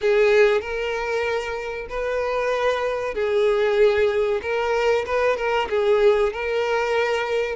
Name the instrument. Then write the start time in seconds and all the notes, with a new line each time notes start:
violin
0.01 G#4
0.61 A#4
1.89 B4
3.14 G#4
4.42 A#4
5.06 B4
5.36 A#4
5.69 G#4
6.32 A#4